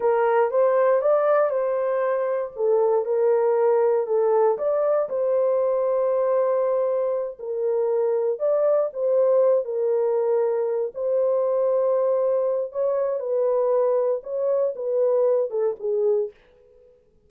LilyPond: \new Staff \with { instrumentName = "horn" } { \time 4/4 \tempo 4 = 118 ais'4 c''4 d''4 c''4~ | c''4 a'4 ais'2 | a'4 d''4 c''2~ | c''2~ c''8 ais'4.~ |
ais'8 d''4 c''4. ais'4~ | ais'4. c''2~ c''8~ | c''4 cis''4 b'2 | cis''4 b'4. a'8 gis'4 | }